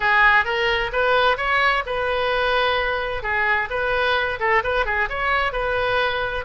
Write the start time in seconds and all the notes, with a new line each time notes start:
0.00 G#4
0.44 A#4
0.92 B4
1.37 C#5
1.86 B4
3.22 G#4
3.69 B4
4.39 A4
4.63 B4
4.85 G#4
5.09 C#5
5.52 B4